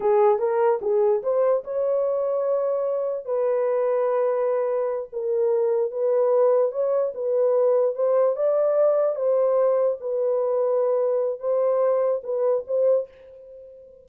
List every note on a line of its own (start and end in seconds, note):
0.00 0.39 G#4
0.39 0.79 A#4
0.81 1.22 G#4
1.22 1.63 C5
1.63 3.25 C#5
3.25 5.09 B4
5.12 5.91 A#4
5.91 6.71 B4
6.71 7.12 C#5
7.14 7.95 B4
7.95 8.35 C5
8.36 9.15 D5
9.15 9.97 C5
10.00 11.39 B4
11.39 12.21 C5
12.23 12.64 B4
12.67 13.08 C5